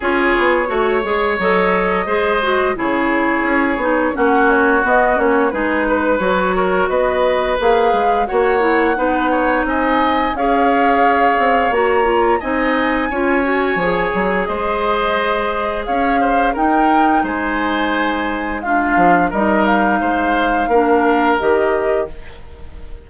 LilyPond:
<<
  \new Staff \with { instrumentName = "flute" } { \time 4/4 \tempo 4 = 87 cis''2 dis''2 | cis''2 fis''8 cis''8 dis''8 cis''8 | b'4 cis''4 dis''4 f''4 | fis''2 gis''4 f''4~ |
f''4 ais''4 gis''2~ | gis''4 dis''2 f''4 | g''4 gis''2 f''4 | dis''8 f''2~ f''8 dis''4 | }
  \new Staff \with { instrumentName = "oboe" } { \time 4/4 gis'4 cis''2 c''4 | gis'2 fis'2 | gis'8 b'4 ais'8 b'2 | cis''4 b'8 cis''8 dis''4 cis''4~ |
cis''2 dis''4 cis''4~ | cis''4 c''2 cis''8 c''8 | ais'4 c''2 f'4 | ais'4 c''4 ais'2 | }
  \new Staff \with { instrumentName = "clarinet" } { \time 4/4 f'4 fis'8 gis'8 a'4 gis'8 fis'8 | e'4. dis'8 cis'4 b8 cis'8 | dis'4 fis'2 gis'4 | fis'8 e'8 dis'2 gis'4~ |
gis'4 fis'8 f'8 dis'4 f'8 fis'8 | gis'1 | dis'2. d'4 | dis'2 d'4 g'4 | }
  \new Staff \with { instrumentName = "bassoon" } { \time 4/4 cis'8 b8 a8 gis8 fis4 gis4 | cis4 cis'8 b8 ais4 b8 ais8 | gis4 fis4 b4 ais8 gis8 | ais4 b4 c'4 cis'4~ |
cis'8 c'8 ais4 c'4 cis'4 | f8 fis8 gis2 cis'4 | dis'4 gis2~ gis8 f8 | g4 gis4 ais4 dis4 | }
>>